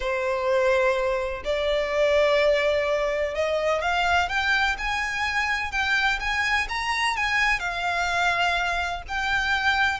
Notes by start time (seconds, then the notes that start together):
0.00 C5
1.44 D5
3.35 D#5
3.81 F5
4.29 G5
4.77 G#5
5.71 G5
6.20 G#5
6.68 A#5
7.16 G#5
7.59 F5
9.08 G5